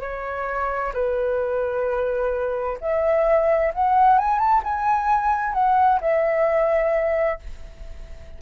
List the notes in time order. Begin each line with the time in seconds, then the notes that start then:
0.00 C#5
0.94 B4
2.81 E5
3.74 F#5
4.18 G#5
4.38 A5
4.64 G#5
5.53 F#5
6.00 E5